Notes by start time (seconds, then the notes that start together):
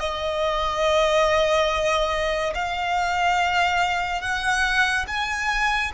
0.00 D#5
2.54 F5
4.21 F#5
5.07 G#5